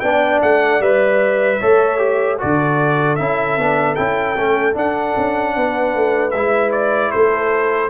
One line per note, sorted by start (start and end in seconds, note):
0.00 0.42 B3
0.00 0.82 D4
0.00 1.60 D5
0.00 0.39 G5
0.42 0.80 A3
0.42 0.81 F#5
0.80 1.59 G3
0.80 1.61 B4
0.80 2.39 E5
1.60 2.41 A3
1.60 1.98 A4
1.60 2.38 C#5
1.98 2.37 G4
2.38 3.20 D3
2.38 3.17 F#4
2.38 5.54 A4
2.38 3.16 D5
3.16 3.58 C#4
3.16 3.59 E4
3.16 3.95 E5
3.58 3.97 B3
3.58 3.96 D4
3.95 4.36 C#4
3.95 4.35 E4
3.95 4.74 G5
4.36 4.75 A3
4.36 4.74 C#4
4.74 6.32 D4
4.74 5.15 D4
4.74 6.31 F#5
5.17 5.56 C#4
5.56 5.95 B3
5.56 7.12 B4
5.95 6.34 A3
6.31 7.12 G#3
6.31 7.89 E4
6.31 6.70 E5
6.72 7.11 D5
7.11 7.89 A3
7.11 7.89 A4
7.11 7.89 C5